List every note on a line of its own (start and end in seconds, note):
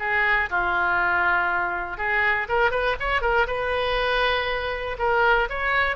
0.00 0.50 G#4
0.50 1.98 F4
1.98 2.48 G#4
2.49 2.71 A#4
2.71 2.96 B4
3.00 3.22 C#5
3.22 3.47 A#4
3.47 4.97 B4
4.99 5.49 A#4
5.50 5.97 C#5